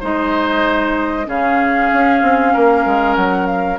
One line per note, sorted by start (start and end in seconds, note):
0.00 1.27 G#3
0.00 1.25 D#4
0.00 1.26 C5
0.00 1.28 D#5
1.25 1.90 C#3
1.25 3.78 C#4
1.25 2.53 G#4
1.25 3.15 F5
1.93 2.22 C#4
2.22 2.54 C4
2.53 2.85 A#3
2.53 3.78 A#4
2.85 3.16 G#3
3.15 3.78 F#3
3.15 3.46 F#5
3.46 3.78 F5